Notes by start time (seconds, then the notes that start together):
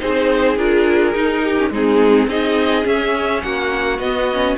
0.00 C4 D#4 G#4 C5
0.57 D4 F4 A#4
1.14 D#4
1.43 G4
1.57 C#4
1.71 G#3 C4 D#4 G#4
2.27 C4 D#4 G#4 D#5
2.83 C#4 E5
3.42 A#3 F#4 F#5
3.99 B3 D#5
4.33 C#4